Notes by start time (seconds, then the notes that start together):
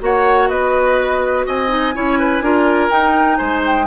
0.00 A#3 F#4 C#5 F#5
0.48 B3 B4 D#5
1.46 C4 D#5 G#5
1.68 D#4
1.94 C#4 E4 C#5
2.19 B4
2.41 D4 F4 A#4
2.90 D#4 G5
3.37 G#3 C5 G#5
3.66 G5